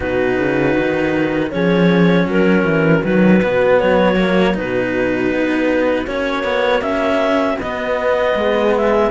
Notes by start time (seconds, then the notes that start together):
0.00 B2 D#4 F#4 B4
0.37 C#3
0.78 D#3
1.51 F3 C#4 G#4 C#5
2.26 F#3 F#4 A#4
2.64 E3
3.03 D#3 F#3 B4
3.42 B2 B3
3.80 F#3 C#5
4.16 A#3
4.53 B2 D#4 B4
5.31 B3
6.06 A#3 C#4 C#5
6.43 B3
6.81 C#4 E5
7.57 B3 D#5
8.35 G#3 G#4
8.76 E5